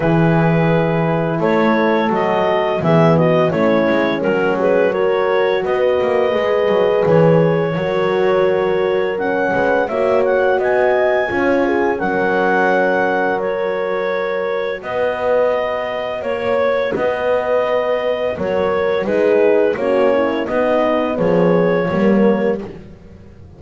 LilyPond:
<<
  \new Staff \with { instrumentName = "clarinet" } { \time 4/4 \tempo 4 = 85 b'2 cis''4 dis''4 | e''8 dis''8 cis''4 ais'8 b'8 cis''4 | dis''2 cis''2~ | cis''4 fis''4 e''8 fis''8 gis''4~ |
gis''4 fis''2 cis''4~ | cis''4 dis''2 cis''4 | dis''2 cis''4 b'4 | cis''4 dis''4 cis''2 | }
  \new Staff \with { instrumentName = "horn" } { \time 4/4 gis'2 a'2 | gis'8 fis'8 e'4 fis'8 gis'8 ais'4 | b'2. ais'4~ | ais'4. b'8 cis''4 dis''4 |
cis''8 gis'8 ais'2.~ | ais'4 b'2 cis''4 | b'2 ais'4 gis'4 | fis'8 e'8 dis'4 gis'4 ais'4 | }
  \new Staff \with { instrumentName = "horn" } { \time 4/4 e'2. fis'4 | b4 cis'2 fis'4~ | fis'4 gis'2 fis'4~ | fis'4 cis'4 fis'2 |
f'4 cis'2 fis'4~ | fis'1~ | fis'2. dis'4 | cis'4 b2 ais4 | }
  \new Staff \with { instrumentName = "double bass" } { \time 4/4 e2 a4 fis4 | e4 a8 gis8 fis2 | b8 ais8 gis8 fis8 e4 fis4~ | fis4. gis8 ais4 b4 |
cis'4 fis2.~ | fis4 b2 ais4 | b2 fis4 gis4 | ais4 b4 f4 g4 | }
>>